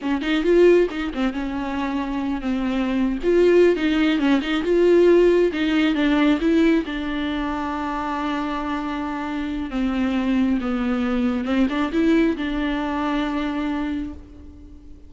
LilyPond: \new Staff \with { instrumentName = "viola" } { \time 4/4 \tempo 4 = 136 cis'8 dis'8 f'4 dis'8 c'8 cis'4~ | cis'4. c'4.~ c'16 f'8.~ | f'8 dis'4 cis'8 dis'8 f'4.~ | f'8 dis'4 d'4 e'4 d'8~ |
d'1~ | d'2 c'2 | b2 c'8 d'8 e'4 | d'1 | }